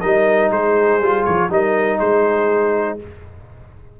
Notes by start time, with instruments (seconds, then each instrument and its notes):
0.00 tuba G3, trombone D#4, horn A#4, trumpet D#5
0.50 tuba G#3, horn G#4, trumpet C5
1.00 tuba G3, trombone F4
1.24 tuba F3, trumpet C#5
1.50 tuba G3, trombone D#4, horn A#4, trumpet D#5
1.98 tuba G#3, horn G#4, trumpet C5